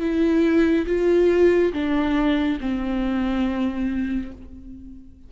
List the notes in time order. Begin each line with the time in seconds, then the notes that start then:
0.00 E4
0.86 F4
1.73 D4
2.60 C4